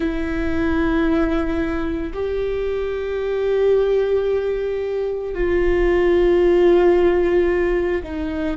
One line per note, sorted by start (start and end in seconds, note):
0.00 2.12 E4
2.13 5.34 G4
5.34 8.02 F4
8.03 8.56 D#4